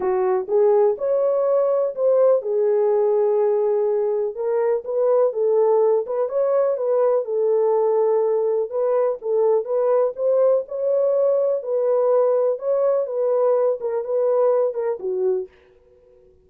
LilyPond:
\new Staff \with { instrumentName = "horn" } { \time 4/4 \tempo 4 = 124 fis'4 gis'4 cis''2 | c''4 gis'2.~ | gis'4 ais'4 b'4 a'4~ | a'8 b'8 cis''4 b'4 a'4~ |
a'2 b'4 a'4 | b'4 c''4 cis''2 | b'2 cis''4 b'4~ | b'8 ais'8 b'4. ais'8 fis'4 | }